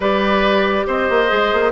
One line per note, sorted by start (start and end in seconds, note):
0.00 0.84 G3
0.00 1.27 G4
0.00 0.86 B4
0.00 0.87 D5
0.86 1.09 C4
0.86 1.71 C5
0.86 1.71 D#5
1.09 1.31 A#3
1.27 1.53 G#3
1.27 1.70 G#4
1.53 1.71 A#3